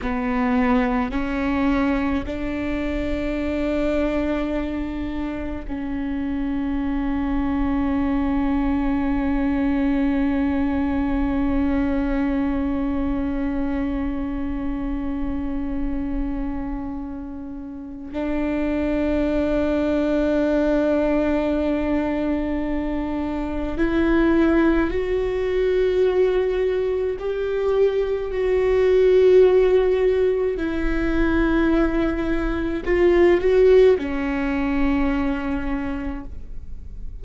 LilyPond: \new Staff \with { instrumentName = "viola" } { \time 4/4 \tempo 4 = 53 b4 cis'4 d'2~ | d'4 cis'2.~ | cis'1~ | cis'1 |
d'1~ | d'4 e'4 fis'2 | g'4 fis'2 e'4~ | e'4 f'8 fis'8 cis'2 | }